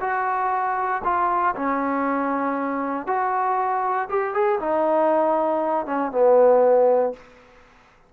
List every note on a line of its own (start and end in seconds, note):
0.00 1.02 F#4
1.04 1.54 F4
1.55 3.06 C#4
3.06 4.08 F#4
4.09 4.34 G4
4.34 4.59 G#4
4.60 5.86 D#4
5.86 6.11 C#4
6.11 7.13 B3